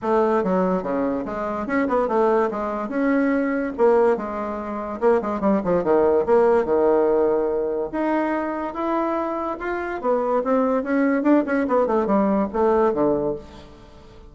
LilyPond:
\new Staff \with { instrumentName = "bassoon" } { \time 4/4 \tempo 4 = 144 a4 fis4 cis4 gis4 | cis'8 b8 a4 gis4 cis'4~ | cis'4 ais4 gis2 | ais8 gis8 g8 f8 dis4 ais4 |
dis2. dis'4~ | dis'4 e'2 f'4 | b4 c'4 cis'4 d'8 cis'8 | b8 a8 g4 a4 d4 | }